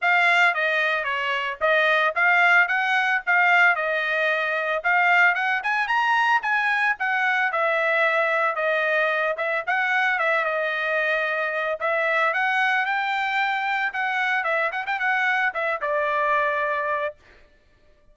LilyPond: \new Staff \with { instrumentName = "trumpet" } { \time 4/4 \tempo 4 = 112 f''4 dis''4 cis''4 dis''4 | f''4 fis''4 f''4 dis''4~ | dis''4 f''4 fis''8 gis''8 ais''4 | gis''4 fis''4 e''2 |
dis''4. e''8 fis''4 e''8 dis''8~ | dis''2 e''4 fis''4 | g''2 fis''4 e''8 fis''16 g''16 | fis''4 e''8 d''2~ d''8 | }